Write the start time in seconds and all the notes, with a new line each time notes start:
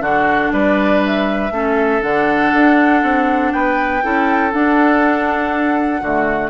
0.00 D3 D4 F#4 F#5
0.52 G3 B4 D5
1.06 E5
1.51 A3 C#4 A4
2.01 D3 D4 F#5
2.53 D4
3.03 C4
3.51 B3 B4 G5
4.02 C#4 E4 A4
4.52 D4 F#5
6.01 D3 A3 F#4